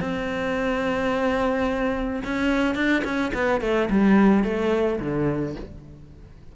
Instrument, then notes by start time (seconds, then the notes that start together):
cello
0.00 C4
2.24 C#4
2.75 D4
3.04 C#4
3.34 B3
3.61 A3
3.90 G3
4.44 A3
5.00 D3